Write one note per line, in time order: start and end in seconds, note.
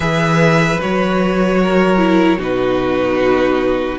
0.00 0.77 E3
0.00 0.78 G#4
0.00 1.60 B4
0.00 0.80 E5
0.81 2.38 F#3
0.81 1.97 F#4
0.81 2.41 C#5
1.62 2.38 A#4
1.97 2.37 E4
2.38 3.98 B2
2.38 3.98 D#4
2.38 3.98 F#4
2.38 3.98 B4